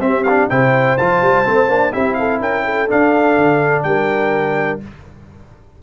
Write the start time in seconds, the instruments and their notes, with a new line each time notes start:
0.00 tuba C4, trombone C4, horn G4, trumpet E5
0.24 trombone D4, trumpet F5
0.50 tuba C3, trombone E4, horn C5, trumpet G5
0.98 tuba F3, trombone F4, trumpet A5
1.22 tuba G3
1.45 tuba A3, trombone C4
1.68 tuba A#3, trombone D4
1.93 tuba C4, trombone E4, horn G4, trumpet E5
2.15 horn A4, trumpet F5
2.40 tuba C#4, horn A#4, trumpet G5
2.65 horn A4
2.89 trombone D4, tuba D4, trumpet F5
3.38 tuba D3
3.83 tuba G3, horn A#4, trumpet G5